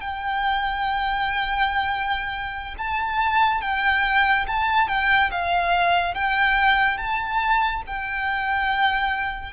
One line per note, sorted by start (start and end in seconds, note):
0.00 2.75 G5
2.78 3.61 A5
3.61 4.45 G5
4.47 4.87 A5
4.87 5.30 G5
5.31 6.14 F5
6.14 6.97 G5
6.97 7.82 A5
7.86 9.52 G5